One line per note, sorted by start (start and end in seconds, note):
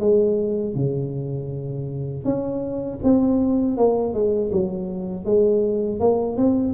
0.00 0.75 G#3
0.75 2.24 C#3
2.24 2.99 C#4
3.03 3.77 C4
3.77 4.14 A#3
4.14 4.51 G#3
4.52 5.25 F#3
5.25 6.00 G#3
6.00 6.37 A#3
6.37 6.73 C4